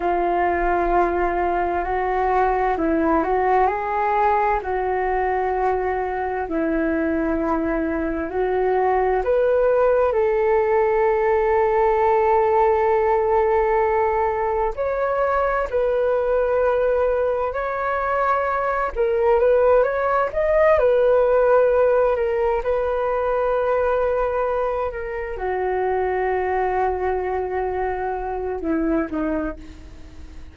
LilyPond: \new Staff \with { instrumentName = "flute" } { \time 4/4 \tempo 4 = 65 f'2 fis'4 e'8 fis'8 | gis'4 fis'2 e'4~ | e'4 fis'4 b'4 a'4~ | a'1 |
cis''4 b'2 cis''4~ | cis''8 ais'8 b'8 cis''8 dis''8 b'4. | ais'8 b'2~ b'8 ais'8 fis'8~ | fis'2. e'8 dis'8 | }